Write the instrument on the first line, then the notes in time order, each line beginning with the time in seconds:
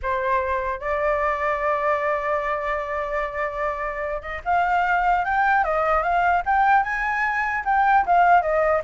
flute
0.02 C5
0.80 D5
4.22 D#5
4.44 F5
5.25 G5
5.64 D#5
6.02 F5
6.45 G5
6.83 G#5
7.65 G5
8.05 F5
8.42 D#5